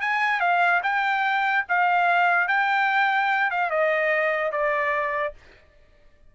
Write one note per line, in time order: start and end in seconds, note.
0.00 0.40 G#5
0.40 0.81 F5
0.82 1.65 G5
1.68 2.48 F5
2.48 3.50 G5
3.50 3.70 F5
3.70 4.51 D#5
4.51 5.33 D5